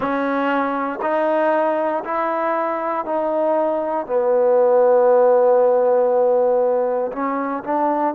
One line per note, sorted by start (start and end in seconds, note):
0.00 0.99 C#4
1.02 2.03 D#4
2.04 3.05 E4
3.05 4.06 D#4
4.06 7.11 B3
7.12 7.63 C#4
7.63 8.14 D4